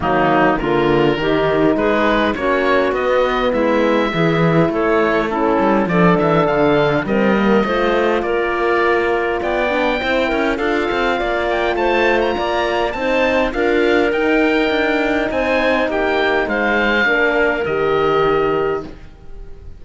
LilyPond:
<<
  \new Staff \with { instrumentName = "oboe" } { \time 4/4 \tempo 4 = 102 dis'4 ais'2 b'4 | cis''4 dis''4 e''2 | cis''4 a'4 d''8 e''8 f''4 | dis''2 d''2 |
g''2 f''4. g''8 | a''8. ais''4~ ais''16 a''4 f''4 | g''2 gis''4 g''4 | f''2 dis''2 | }
  \new Staff \with { instrumentName = "clarinet" } { \time 4/4 ais4 f'4 g'4 gis'4 | fis'2 e'4 gis'4 | a'4 e'4 a'2 | ais'4 c''4 ais'2 |
d''4 c''8 ais'8 a'4 d''4 | c''4 d''4 c''4 ais'4~ | ais'2 c''4 g'4 | c''4 ais'2. | }
  \new Staff \with { instrumentName = "horn" } { \time 4/4 fis4 ais4 dis'2 | cis'4 b2 e'4~ | e'4 cis'4 d'2 | c'8 ais8 f'2.~ |
f'8 d'8 e'4 f'2~ | f'2 dis'4 f'4 | dis'1~ | dis'4 d'4 g'2 | }
  \new Staff \with { instrumentName = "cello" } { \time 4/4 dis4 d4 dis4 gis4 | ais4 b4 gis4 e4 | a4. g8 f8 e8 d4 | g4 a4 ais2 |
b4 c'8 cis'8 d'8 c'8 ais4 | a4 ais4 c'4 d'4 | dis'4 d'4 c'4 ais4 | gis4 ais4 dis2 | }
>>